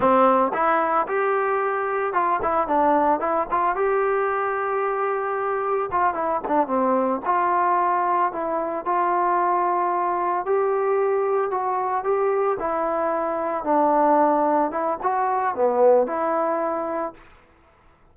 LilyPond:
\new Staff \with { instrumentName = "trombone" } { \time 4/4 \tempo 4 = 112 c'4 e'4 g'2 | f'8 e'8 d'4 e'8 f'8 g'4~ | g'2. f'8 e'8 | d'8 c'4 f'2 e'8~ |
e'8 f'2. g'8~ | g'4. fis'4 g'4 e'8~ | e'4. d'2 e'8 | fis'4 b4 e'2 | }